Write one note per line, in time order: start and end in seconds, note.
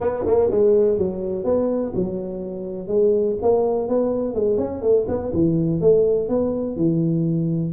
0.00 0.24 B3
0.26 0.50 A#3
0.50 0.97 G#3
0.97 1.44 F#3
1.44 1.92 B3
1.94 2.87 F#3
2.87 3.36 G#3
3.42 3.88 A#3
3.88 4.34 B3
4.34 4.57 G#3
4.57 4.81 C#4
4.81 5.06 A3
5.07 5.32 B3
5.33 5.80 E3
5.80 6.28 A3
6.28 6.76 B3
6.76 7.73 E3